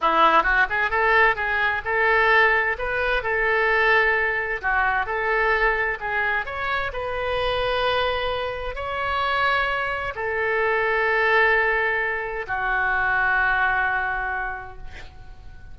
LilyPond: \new Staff \with { instrumentName = "oboe" } { \time 4/4 \tempo 4 = 130 e'4 fis'8 gis'8 a'4 gis'4 | a'2 b'4 a'4~ | a'2 fis'4 a'4~ | a'4 gis'4 cis''4 b'4~ |
b'2. cis''4~ | cis''2 a'2~ | a'2. fis'4~ | fis'1 | }